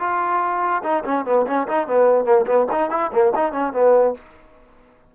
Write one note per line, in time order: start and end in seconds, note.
0.00 0.83 F4
0.83 1.04 D#4
1.05 1.25 C#4
1.25 1.46 B3
1.47 1.68 C#4
1.68 1.88 D#4
1.88 2.25 B3
2.25 2.46 A#3
2.46 2.67 B3
2.72 2.91 D#4
2.91 3.11 E4
3.12 3.33 A#3
3.36 3.52 D#4
3.52 3.73 C#4
3.73 4.15 B3